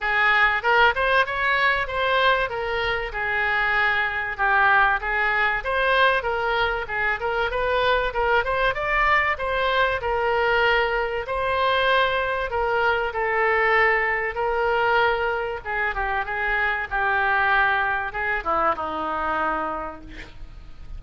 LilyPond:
\new Staff \with { instrumentName = "oboe" } { \time 4/4 \tempo 4 = 96 gis'4 ais'8 c''8 cis''4 c''4 | ais'4 gis'2 g'4 | gis'4 c''4 ais'4 gis'8 ais'8 | b'4 ais'8 c''8 d''4 c''4 |
ais'2 c''2 | ais'4 a'2 ais'4~ | ais'4 gis'8 g'8 gis'4 g'4~ | g'4 gis'8 e'8 dis'2 | }